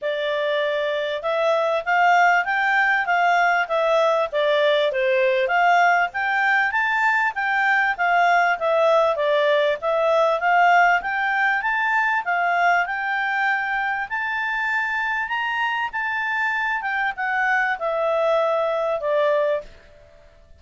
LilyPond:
\new Staff \with { instrumentName = "clarinet" } { \time 4/4 \tempo 4 = 98 d''2 e''4 f''4 | g''4 f''4 e''4 d''4 | c''4 f''4 g''4 a''4 | g''4 f''4 e''4 d''4 |
e''4 f''4 g''4 a''4 | f''4 g''2 a''4~ | a''4 ais''4 a''4. g''8 | fis''4 e''2 d''4 | }